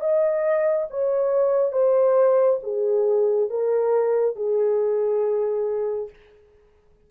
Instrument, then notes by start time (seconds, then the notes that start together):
horn
0.00 D#5
0.90 C#5
1.72 C5
2.63 G#4
3.50 A#4
4.36 G#4